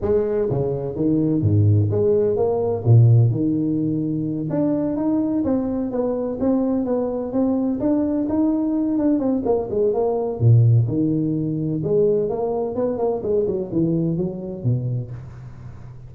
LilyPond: \new Staff \with { instrumentName = "tuba" } { \time 4/4 \tempo 4 = 127 gis4 cis4 dis4 gis,4 | gis4 ais4 ais,4 dis4~ | dis4. d'4 dis'4 c'8~ | c'8 b4 c'4 b4 c'8~ |
c'8 d'4 dis'4. d'8 c'8 | ais8 gis8 ais4 ais,4 dis4~ | dis4 gis4 ais4 b8 ais8 | gis8 fis8 e4 fis4 b,4 | }